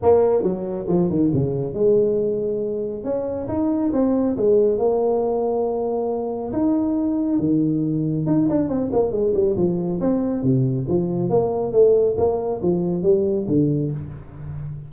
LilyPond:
\new Staff \with { instrumentName = "tuba" } { \time 4/4 \tempo 4 = 138 ais4 fis4 f8 dis8 cis4 | gis2. cis'4 | dis'4 c'4 gis4 ais4~ | ais2. dis'4~ |
dis'4 dis2 dis'8 d'8 | c'8 ais8 gis8 g8 f4 c'4 | c4 f4 ais4 a4 | ais4 f4 g4 d4 | }